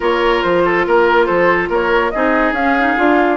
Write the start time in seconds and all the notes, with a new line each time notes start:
0.00 A#3 F4 A#4 C#5
0.42 F3 C5
0.64 A4
0.86 A#3 A#4
1.26 F3 A4 C5
1.69 A#3 A#4 C#5
2.10 C4 D#4 G#4 D#5
2.52 C#4 F5
2.79 D#4
2.96 D4 F4